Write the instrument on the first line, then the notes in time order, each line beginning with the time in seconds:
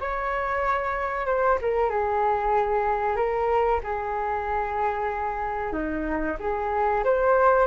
flute
0.00 C#5
1.26 C5
1.61 A#4
1.90 G#4
3.16 A#4
3.84 G#4
5.73 D#4
6.40 G#4
7.04 C5